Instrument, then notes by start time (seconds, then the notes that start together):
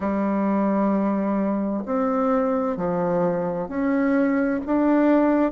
bassoon
0.00 G3
1.85 C4
2.77 F3
3.68 C#4
4.66 D4